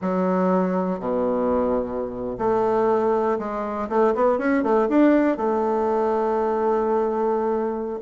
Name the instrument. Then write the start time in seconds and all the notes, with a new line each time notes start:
bassoon
0.01 F#3
0.99 B2
2.38 A3
3.38 G#3
3.89 A3
4.14 B3
4.38 C#4
4.63 A3
4.89 D4
5.37 A3